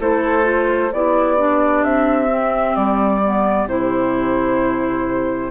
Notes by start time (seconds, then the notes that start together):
0.00 A3 E4 A4 C5
0.43 F4
0.93 B3 E4 G4 D5
1.38 D4
1.84 C4 E5
2.29 C4
2.76 G3 D5
3.24 B3
3.67 C3 E4 C5